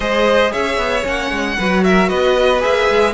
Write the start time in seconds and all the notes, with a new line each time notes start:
0.00 G#3 G#4 C5 D#5
0.51 C#4 C#5 E5
0.77 B3
1.03 A#3 C#4 F#5
1.30 G#3
1.57 F#3 F#4 B4
1.83 A#4 E5
2.08 B3 B4 D#5
2.60 A#3 G#4 E5
2.89 G#3